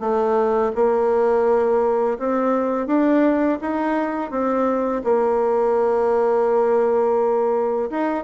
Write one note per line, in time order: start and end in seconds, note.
0.00 0.71 A3
0.75 2.18 A#3
2.19 2.87 C4
2.87 3.58 D4
3.61 4.31 D#4
4.31 5.02 C4
5.04 7.90 A#3
7.90 8.24 D#4